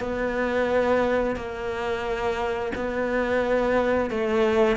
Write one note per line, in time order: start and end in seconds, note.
0.00 1.36 B3
1.36 2.72 A#3
2.76 4.11 B3
4.11 4.77 A3